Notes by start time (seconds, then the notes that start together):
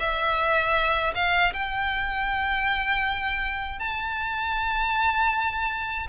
0.00 E5
1.15 F5
1.54 G5
3.80 A5